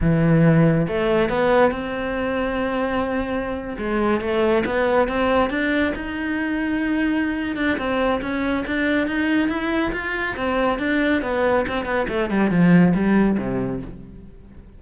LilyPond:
\new Staff \with { instrumentName = "cello" } { \time 4/4 \tempo 4 = 139 e2 a4 b4 | c'1~ | c'8. gis4 a4 b4 c'16~ | c'8. d'4 dis'2~ dis'16~ |
dis'4. d'8 c'4 cis'4 | d'4 dis'4 e'4 f'4 | c'4 d'4 b4 c'8 b8 | a8 g8 f4 g4 c4 | }